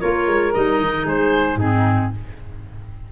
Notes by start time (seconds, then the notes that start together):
0.00 A#3 F4 A#4 C#5
0.27 G#3
0.54 G3 D#4 D#5
0.80 D#3
1.05 G#3 G#4 C5
1.55 G#2 C4 D#4 G#4